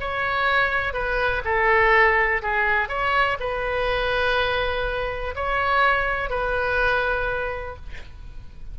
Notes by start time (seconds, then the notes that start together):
0.00 C#5
0.93 B4
1.44 A4
2.42 G#4
2.88 C#5
3.39 B4
5.35 C#5
6.30 B4